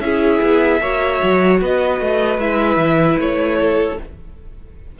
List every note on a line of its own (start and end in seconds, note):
0.00 0.39 C#4
0.00 0.82 E4
0.00 0.82 G#4
0.00 1.58 E5
0.42 0.81 B3
0.81 1.20 A#3
0.81 2.40 F#4
0.81 1.61 C#5
1.23 1.62 F#3
1.61 2.00 B3
1.61 3.58 B4
1.61 2.40 D#5
2.00 2.38 A3
2.38 2.77 G#3
2.38 3.98 E4
2.38 3.19 E5
2.77 3.16 E3
3.19 3.98 A3
3.19 4.00 C#5
3.59 3.99 A4